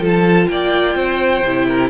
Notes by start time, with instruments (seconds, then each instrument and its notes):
0.00 cello F3, viola F4, violin A4
0.06 violin A5
0.49 cello A#3, violin D5 G5
0.95 cello C4, violin C5
1.44 cello C3, viola E4
1.68 violin A#4